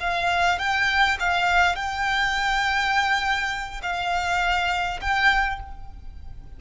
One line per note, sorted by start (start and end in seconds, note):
0.00 0.59 F5
0.59 1.17 G5
1.19 1.75 F5
1.75 3.81 G5
3.82 5.00 F5
5.01 5.59 G5